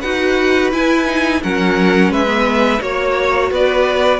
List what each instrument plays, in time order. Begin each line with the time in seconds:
0.00 cello D#4, viola F#4, violin B4 F#5
0.72 viola E4, cello E4, violin G#5
1.05 viola D#4
1.42 cello F#3, viola C#4, violin A#4 F#5
2.09 cello G#3, violin B4 E5
2.26 viola B3
2.81 cello A#3, viola F#4, violin C#5
3.51 cello B3, violin B4 D5